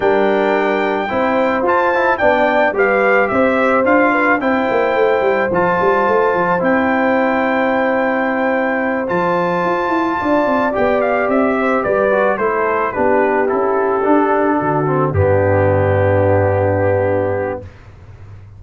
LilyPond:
<<
  \new Staff \with { instrumentName = "trumpet" } { \time 4/4 \tempo 4 = 109 g''2. a''4 | g''4 f''4 e''4 f''4 | g''2 a''2 | g''1~ |
g''8 a''2. g''8 | f''8 e''4 d''4 c''4 b'8~ | b'8 a'2. g'8~ | g'1 | }
  \new Staff \with { instrumentName = "horn" } { \time 4/4 ais'2 c''2 | d''4 b'4 c''4. b'8 | c''1~ | c''1~ |
c''2~ c''8 d''4.~ | d''4 c''8 b'4 a'4 g'8~ | g'2~ g'8 fis'4 d'8~ | d'1 | }
  \new Staff \with { instrumentName = "trombone" } { \time 4/4 d'2 e'4 f'8 e'8 | d'4 g'2 f'4 | e'2 f'2 | e'1~ |
e'8 f'2. g'8~ | g'2 fis'8 e'4 d'8~ | d'8 e'4 d'4. c'8 b8~ | b1 | }
  \new Staff \with { instrumentName = "tuba" } { \time 4/4 g2 c'4 f'4 | b4 g4 c'4 d'4 | c'8 ais8 a8 g8 f8 g8 a8 f8 | c'1~ |
c'8 f4 f'8 e'8 d'8 c'8 b8~ | b8 c'4 g4 a4 b8~ | b8 cis'4 d'4 d4 g,8~ | g,1 | }
>>